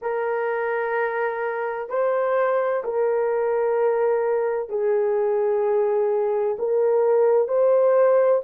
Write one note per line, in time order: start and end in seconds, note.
0.01 1.89 A#4
1.89 2.83 C5
2.84 4.69 A#4
4.69 6.56 G#4
6.58 7.47 A#4
7.47 8.41 C5